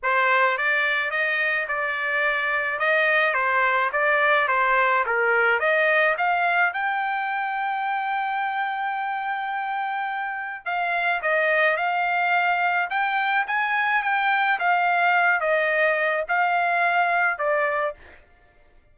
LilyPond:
\new Staff \with { instrumentName = "trumpet" } { \time 4/4 \tempo 4 = 107 c''4 d''4 dis''4 d''4~ | d''4 dis''4 c''4 d''4 | c''4 ais'4 dis''4 f''4 | g''1~ |
g''2. f''4 | dis''4 f''2 g''4 | gis''4 g''4 f''4. dis''8~ | dis''4 f''2 d''4 | }